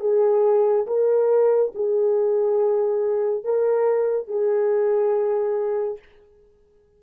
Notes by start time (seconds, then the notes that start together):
0.00 G#4
0.86 A#4
1.75 G#4
3.44 A#4
4.27 G#4